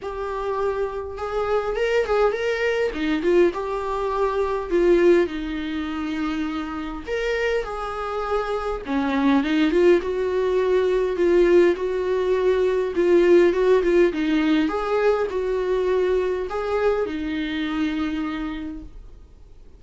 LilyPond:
\new Staff \with { instrumentName = "viola" } { \time 4/4 \tempo 4 = 102 g'2 gis'4 ais'8 gis'8 | ais'4 dis'8 f'8 g'2 | f'4 dis'2. | ais'4 gis'2 cis'4 |
dis'8 f'8 fis'2 f'4 | fis'2 f'4 fis'8 f'8 | dis'4 gis'4 fis'2 | gis'4 dis'2. | }